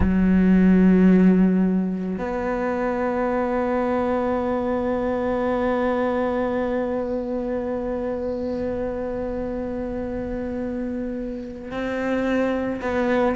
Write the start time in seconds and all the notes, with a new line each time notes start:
0.00 F#3
2.18 B3
11.71 C4
12.81 B3